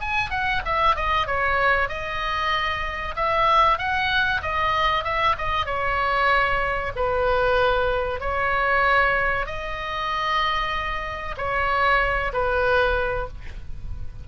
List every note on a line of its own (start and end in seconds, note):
0.00 0.30 G#5
0.30 0.61 F#5
0.65 0.95 E5
0.95 1.26 D#5
1.26 1.88 C#5
1.88 3.14 D#5
3.15 3.78 E5
3.78 4.41 F#5
4.42 5.04 D#5
5.04 5.35 E5
5.37 5.65 D#5
5.65 6.92 C#5
6.96 8.20 B4
8.20 9.46 C#5
9.46 11.35 D#5
11.37 12.32 C#5
12.32 13.27 B4